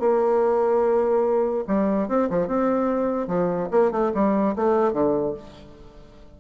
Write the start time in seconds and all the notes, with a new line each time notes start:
0.00 A#3
1.68 G3
2.09 C4
2.30 F3
2.48 C4
3.27 F3
3.71 A#3
3.92 A3
4.15 G3
4.56 A3
4.93 D3